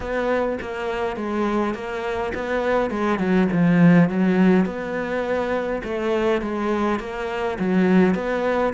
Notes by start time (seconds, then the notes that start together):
0.00 B3
0.61 A#3
1.16 G#3
1.74 A#3
2.34 B3
2.90 G#3
3.19 F#3
3.51 F3
4.09 F#3
4.65 B3
5.83 A3
6.41 G#3
6.99 A#3
7.59 F#3
8.14 B3